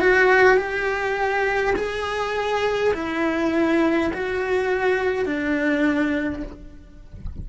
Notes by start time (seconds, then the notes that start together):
0.00 F#4
0.57 G4
1.75 G#4
2.94 E4
4.13 F#4
5.25 D4